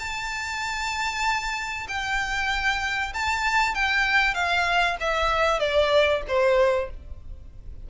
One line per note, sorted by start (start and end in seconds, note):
0.00 1.88 A5
1.88 3.13 G5
3.14 3.75 A5
3.75 4.35 G5
4.35 4.97 F5
5.01 5.60 E5
5.60 6.22 D5
6.28 6.91 C5